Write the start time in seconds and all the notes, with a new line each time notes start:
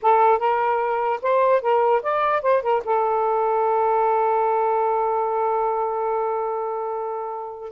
0.02 A4
0.38 A#4
1.22 C5
1.61 A#4
2.02 D5
2.42 C5
2.62 A#4
2.85 A4